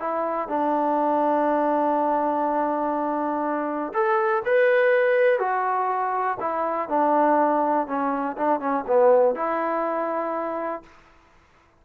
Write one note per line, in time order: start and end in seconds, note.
0.00 0.49 E4
0.49 3.93 D4
3.94 4.43 A4
4.45 5.39 B4
5.39 6.38 F#4
6.40 6.89 E4
6.89 7.87 D4
7.87 8.37 C#4
8.38 8.60 D4
8.60 8.85 C#4
8.87 9.36 B3
9.36 10.83 E4